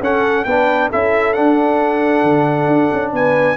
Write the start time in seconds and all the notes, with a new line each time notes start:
0.00 C#4 A4 F#5
0.44 B3 D4 B4 G5
0.90 C#4 E4 A4 E5
1.33 D4 F#5
2.23 D3
2.67 D4
2.93 C#4
3.13 B3 B4 G#5